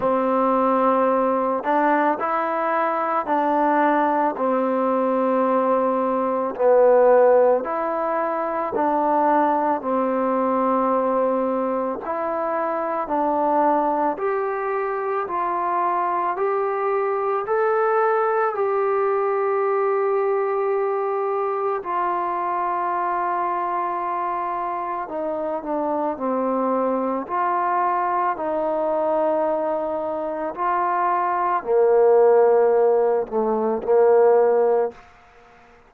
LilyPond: \new Staff \with { instrumentName = "trombone" } { \time 4/4 \tempo 4 = 55 c'4. d'8 e'4 d'4 | c'2 b4 e'4 | d'4 c'2 e'4 | d'4 g'4 f'4 g'4 |
a'4 g'2. | f'2. dis'8 d'8 | c'4 f'4 dis'2 | f'4 ais4. a8 ais4 | }